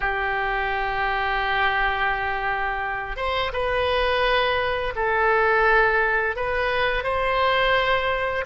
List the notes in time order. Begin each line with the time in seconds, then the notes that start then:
0.00 G4
3.16 C5
3.52 B4
4.95 A4
6.36 B4
7.03 C5